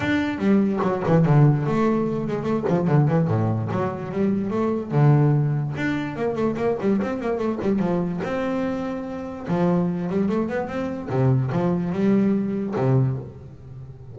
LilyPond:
\new Staff \with { instrumentName = "double bass" } { \time 4/4 \tempo 4 = 146 d'4 g4 fis8 e8 d4 | a4. gis8 a8 f8 d8 e8 | a,4 fis4 g4 a4 | d2 d'4 ais8 a8 |
ais8 g8 c'8 ais8 a8 g8 f4 | c'2. f4~ | f8 g8 a8 b8 c'4 c4 | f4 g2 c4 | }